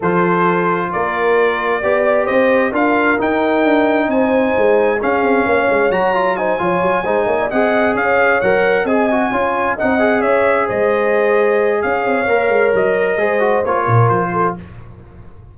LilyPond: <<
  \new Staff \with { instrumentName = "trumpet" } { \time 4/4 \tempo 4 = 132 c''2 d''2~ | d''4 dis''4 f''4 g''4~ | g''4 gis''2 f''4~ | f''4 ais''4 gis''2~ |
gis''8 fis''4 f''4 fis''4 gis''8~ | gis''4. fis''4 e''4 dis''8~ | dis''2 f''2 | dis''2 cis''4 c''4 | }
  \new Staff \with { instrumentName = "horn" } { \time 4/4 a'2 ais'2 | d''4 c''4 ais'2~ | ais'4 c''2 gis'4 | cis''2 c''8 cis''4 c''8 |
cis''16 d''16 dis''4 cis''2 dis''8~ | dis''8 cis''4 dis''4 cis''4 c''8~ | c''2 cis''2~ | cis''4 c''4. ais'4 a'8 | }
  \new Staff \with { instrumentName = "trombone" } { \time 4/4 f'1 | g'2 f'4 dis'4~ | dis'2. cis'4~ | cis'4 fis'8 f'8 dis'8 f'4 dis'8~ |
dis'8 gis'2 ais'4 gis'8 | fis'8 f'4 dis'8 gis'2~ | gis'2. ais'4~ | ais'4 gis'8 fis'8 f'2 | }
  \new Staff \with { instrumentName = "tuba" } { \time 4/4 f2 ais2 | b4 c'4 d'4 dis'4 | d'4 c'4 gis4 cis'8 c'8 | ais8 gis8 fis4. f8 fis8 gis8 |
ais8 c'4 cis'4 fis4 c'8~ | c'8 cis'4 c'4 cis'4 gis8~ | gis2 cis'8 c'8 ais8 gis8 | fis4 gis4 ais8 ais,8 f4 | }
>>